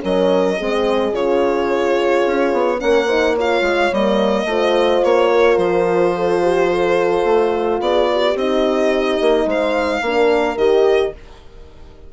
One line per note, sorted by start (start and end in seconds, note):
0.00 0.59 F#3
0.00 0.56 C#4
0.00 0.57 A#4
0.00 1.14 D#5
0.57 1.12 G#3
0.57 1.12 C4
0.57 2.79 G#4
1.12 2.23 C#3
1.12 2.78 F4
1.12 2.80 C#5
2.26 2.53 C#4
2.53 2.80 B3
2.78 3.61 A#3
2.78 3.06 C#4
2.78 3.06 A#4
2.78 3.35 F#5
3.06 3.36 D#4
3.06 3.34 C5
3.34 3.93 F4
3.34 4.45 C#5
3.34 3.93 F5
3.61 3.89 G#3
3.92 4.44 G3
3.92 4.47 A#3
3.92 5.04 D#5
4.44 5.00 A3
4.44 8.36 F4
4.44 5.31 C5
5.04 5.57 A#3
5.04 5.57 C#5
5.31 6.14 A#4
5.57 7.23 F3
5.57 7.80 C5
6.14 6.42 A4
6.42 6.69 G4
6.70 7.81 A4
7.24 7.80 A3
7.80 8.35 B3
7.80 8.09 G#4
7.80 8.37 D5
8.12 9.47 G4
8.35 9.18 C4
8.35 10.05 D#4
8.35 9.49 D#5
9.20 9.45 A#3
9.45 10.01 G#3
9.45 10.01 C5
9.45 10.57 F5
10.01 10.56 A#3
10.01 10.57 D4
10.01 11.12 A#4
10.56 11.12 D#3
10.56 11.13 G4
10.56 11.13 D#5